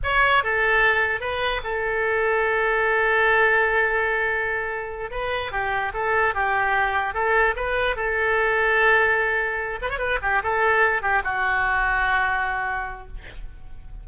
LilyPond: \new Staff \with { instrumentName = "oboe" } { \time 4/4 \tempo 4 = 147 cis''4 a'2 b'4 | a'1~ | a'1~ | a'8 b'4 g'4 a'4 g'8~ |
g'4. a'4 b'4 a'8~ | a'1 | b'16 cis''16 b'8 g'8 a'4. g'8 fis'8~ | fis'1 | }